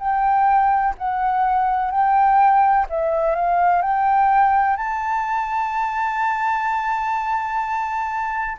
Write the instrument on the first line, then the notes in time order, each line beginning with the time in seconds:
flute
0.00 G5
0.98 F#5
1.91 G5
2.90 E5
3.36 F5
3.82 G5
4.77 A5